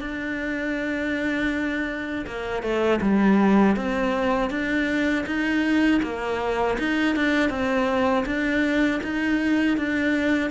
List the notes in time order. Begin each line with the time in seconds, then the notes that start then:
0.00 D4
2.26 A#3
2.62 A3
3.01 G3
3.76 C4
4.50 D4
5.26 D#4
6.02 A#3
6.78 D#4
7.15 D4
7.49 C4
8.26 D4
9.03 D#4
9.77 D4